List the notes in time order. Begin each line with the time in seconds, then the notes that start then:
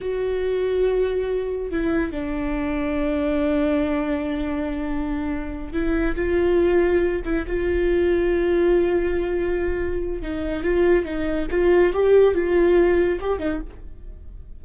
0.00 F#4
1.70 E4
2.11 D4
5.72 E4
6.15 F4
7.24 E4
7.46 F4
10.21 D#4
10.63 F4
11.04 D#4
11.50 F4
11.93 G4
12.34 F4
13.20 G4
13.39 D#4